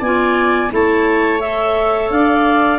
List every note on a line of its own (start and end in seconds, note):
0.00 0.70 B3
0.00 0.70 F4
0.00 0.70 D5
0.00 0.72 G#5
0.70 2.10 A3
0.70 1.39 E4
0.70 2.13 C#5
0.70 1.40 A5
1.40 2.79 A4
1.40 2.10 E5
2.10 2.79 D4
2.10 2.79 D5
2.10 2.79 F5